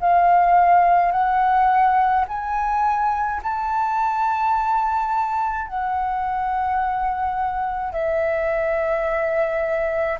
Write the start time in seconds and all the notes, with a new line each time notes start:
0.00 F5
1.11 F#5
2.27 G#5
3.42 A5
5.67 F#5
7.92 E5